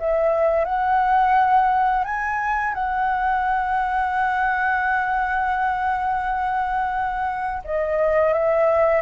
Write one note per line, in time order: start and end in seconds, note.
0.00 0.65 E5
0.65 2.05 F#5
2.05 2.74 G#5
2.74 7.63 F#5
7.65 8.34 D#5
8.34 9.02 E5